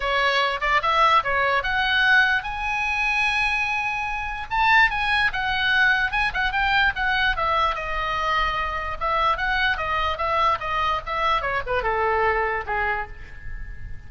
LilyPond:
\new Staff \with { instrumentName = "oboe" } { \time 4/4 \tempo 4 = 147 cis''4. d''8 e''4 cis''4 | fis''2 gis''2~ | gis''2. a''4 | gis''4 fis''2 gis''8 fis''8 |
g''4 fis''4 e''4 dis''4~ | dis''2 e''4 fis''4 | dis''4 e''4 dis''4 e''4 | cis''8 b'8 a'2 gis'4 | }